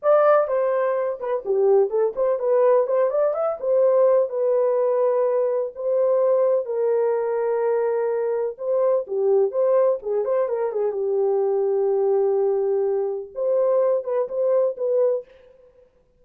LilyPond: \new Staff \with { instrumentName = "horn" } { \time 4/4 \tempo 4 = 126 d''4 c''4. b'8 g'4 | a'8 c''8 b'4 c''8 d''8 e''8 c''8~ | c''4 b'2. | c''2 ais'2~ |
ais'2 c''4 g'4 | c''4 gis'8 c''8 ais'8 gis'8 g'4~ | g'1 | c''4. b'8 c''4 b'4 | }